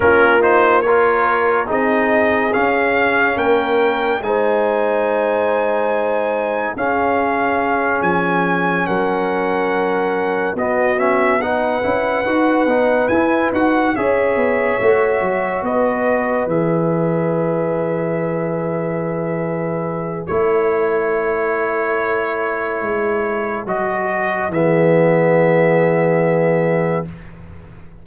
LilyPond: <<
  \new Staff \with { instrumentName = "trumpet" } { \time 4/4 \tempo 4 = 71 ais'8 c''8 cis''4 dis''4 f''4 | g''4 gis''2. | f''4. gis''4 fis''4.~ | fis''8 dis''8 e''8 fis''2 gis''8 |
fis''8 e''2 dis''4 e''8~ | e''1 | cis''1 | dis''4 e''2. | }
  \new Staff \with { instrumentName = "horn" } { \time 4/4 f'4 ais'4 gis'2 | ais'4 c''2. | gis'2~ gis'8 ais'4.~ | ais'8 fis'4 b'2~ b'8~ |
b'8 cis''2 b'4.~ | b'1 | a'1~ | a'4 gis'2. | }
  \new Staff \with { instrumentName = "trombone" } { \time 4/4 cis'8 dis'8 f'4 dis'4 cis'4~ | cis'4 dis'2. | cis'1~ | cis'8 b8 cis'8 dis'8 e'8 fis'8 dis'8 e'8 |
fis'8 gis'4 fis'2 gis'8~ | gis'1 | e'1 | fis'4 b2. | }
  \new Staff \with { instrumentName = "tuba" } { \time 4/4 ais2 c'4 cis'4 | ais4 gis2. | cis'4. f4 fis4.~ | fis8 b4. cis'8 dis'8 b8 e'8 |
dis'8 cis'8 b8 a8 fis8 b4 e8~ | e1 | a2. gis4 | fis4 e2. | }
>>